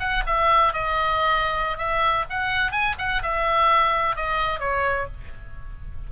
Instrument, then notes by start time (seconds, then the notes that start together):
oboe
0.00 F#5
0.27 E5
0.73 D#5
1.78 E5
2.30 F#5
2.72 G#5
2.98 F#5
3.23 E5
4.16 D#5
4.60 C#5